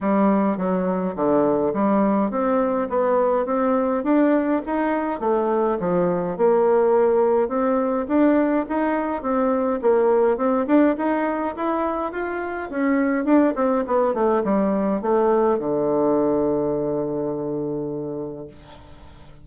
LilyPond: \new Staff \with { instrumentName = "bassoon" } { \time 4/4 \tempo 4 = 104 g4 fis4 d4 g4 | c'4 b4 c'4 d'4 | dis'4 a4 f4 ais4~ | ais4 c'4 d'4 dis'4 |
c'4 ais4 c'8 d'8 dis'4 | e'4 f'4 cis'4 d'8 c'8 | b8 a8 g4 a4 d4~ | d1 | }